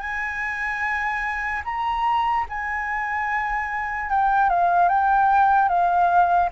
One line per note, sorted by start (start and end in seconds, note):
0.00 1.62 G#5
1.64 2.45 A#5
2.49 4.10 G#5
4.10 4.49 G5
4.49 4.89 F5
4.89 5.69 G5
5.69 6.50 F5